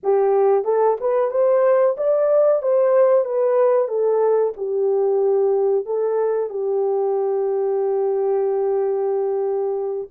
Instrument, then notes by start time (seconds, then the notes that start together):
horn
0.03 G4
0.64 A4
1.00 B4
1.30 C5
1.97 D5
2.62 C5
3.24 B4
3.88 A4
4.56 G4
5.85 A4
6.49 G4